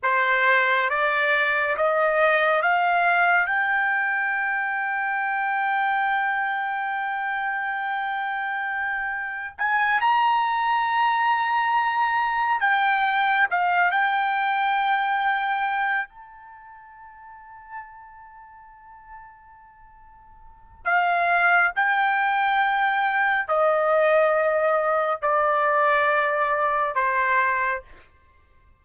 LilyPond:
\new Staff \with { instrumentName = "trumpet" } { \time 4/4 \tempo 4 = 69 c''4 d''4 dis''4 f''4 | g''1~ | g''2. gis''8 ais''8~ | ais''2~ ais''8 g''4 f''8 |
g''2~ g''8 a''4.~ | a''1 | f''4 g''2 dis''4~ | dis''4 d''2 c''4 | }